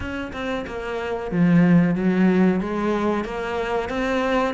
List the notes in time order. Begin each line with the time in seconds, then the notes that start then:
0.00 C#4
0.33 C4
0.66 A#3
1.31 F3
1.95 F#3
2.60 G#3
3.24 A#3
3.89 C4